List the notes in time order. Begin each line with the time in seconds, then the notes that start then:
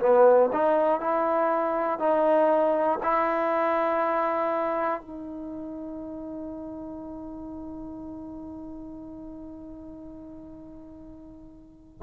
0.00 B3
0.53 D#4
1.00 E4
2.00 D#4
3.03 E4
5.01 D#4